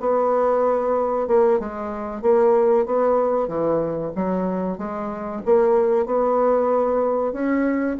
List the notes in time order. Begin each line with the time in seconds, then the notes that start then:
0.00 B3
1.27 A#3
1.59 G#3
2.22 A#3
2.86 B3
3.48 E3
4.15 F#3
4.78 G#3
5.45 A#3
6.06 B3
7.33 C#4